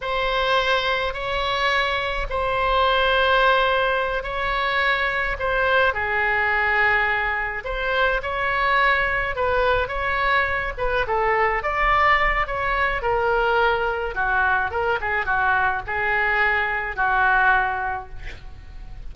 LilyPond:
\new Staff \with { instrumentName = "oboe" } { \time 4/4 \tempo 4 = 106 c''2 cis''2 | c''2.~ c''8 cis''8~ | cis''4. c''4 gis'4.~ | gis'4. c''4 cis''4.~ |
cis''8 b'4 cis''4. b'8 a'8~ | a'8 d''4. cis''4 ais'4~ | ais'4 fis'4 ais'8 gis'8 fis'4 | gis'2 fis'2 | }